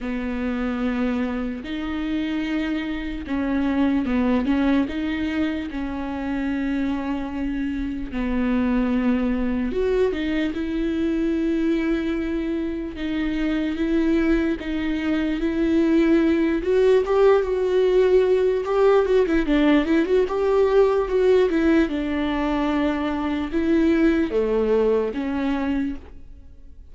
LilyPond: \new Staff \with { instrumentName = "viola" } { \time 4/4 \tempo 4 = 74 b2 dis'2 | cis'4 b8 cis'8 dis'4 cis'4~ | cis'2 b2 | fis'8 dis'8 e'2. |
dis'4 e'4 dis'4 e'4~ | e'8 fis'8 g'8 fis'4. g'8 fis'16 e'16 | d'8 e'16 fis'16 g'4 fis'8 e'8 d'4~ | d'4 e'4 a4 cis'4 | }